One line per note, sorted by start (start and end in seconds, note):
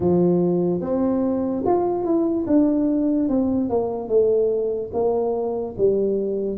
0.00 0.80 F3
0.80 1.63 C4
1.65 2.04 F4
2.04 2.45 E4
2.46 3.28 D4
3.28 3.69 C4
3.69 4.08 A#3
4.08 4.90 A3
4.93 5.75 A#3
5.77 6.58 G3